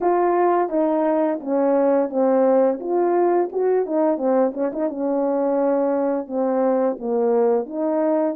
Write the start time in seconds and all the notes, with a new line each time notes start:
0.01 F4
0.69 D#4
1.40 C#4
2.09 C4
2.79 F4
3.51 F#4
3.86 D#4
4.17 C4
4.53 C#4
4.72 D#4
4.89 C#4
6.27 C4
6.99 A#3
7.66 D#4